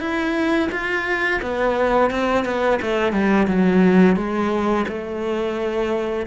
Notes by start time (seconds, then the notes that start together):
0.00 E4
0.72 F4
1.42 B3
2.11 C4
2.45 B3
2.82 A3
3.13 G3
3.48 F#3
4.16 G#3
4.88 A3